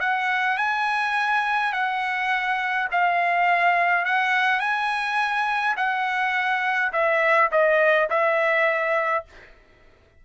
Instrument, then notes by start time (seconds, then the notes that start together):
trumpet
0.00 F#5
0.58 G#5
1.73 F#5
2.92 F5
4.05 F#5
4.60 G#5
5.77 F#5
6.93 E5
7.52 D#5
8.10 E5